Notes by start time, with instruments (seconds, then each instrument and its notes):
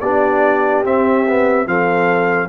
0.00 tuba B3, trombone D4, horn G4, trumpet D5
0.84 tuba C4, trombone C4, trumpet E5
1.28 trombone B3
1.65 tuba F3, trombone C4, horn A4, trumpet F5